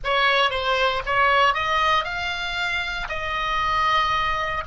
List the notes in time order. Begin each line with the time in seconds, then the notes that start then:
0.04 C#5
0.50 C5
1.06 C#5
1.54 D#5
2.04 F5
3.08 D#5